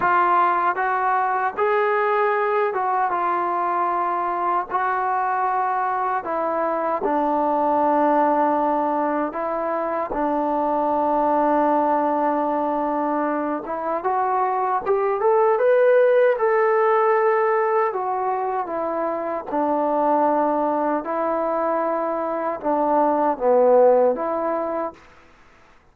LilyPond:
\new Staff \with { instrumentName = "trombone" } { \time 4/4 \tempo 4 = 77 f'4 fis'4 gis'4. fis'8 | f'2 fis'2 | e'4 d'2. | e'4 d'2.~ |
d'4. e'8 fis'4 g'8 a'8 | b'4 a'2 fis'4 | e'4 d'2 e'4~ | e'4 d'4 b4 e'4 | }